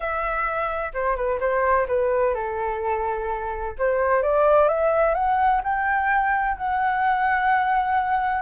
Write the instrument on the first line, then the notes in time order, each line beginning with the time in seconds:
flute
0.00 E5
0.93 C5
1.15 B4
1.40 C5
1.87 B4
2.34 A4
3.78 C5
4.22 D5
4.68 E5
5.14 F#5
5.63 G5
6.57 F#5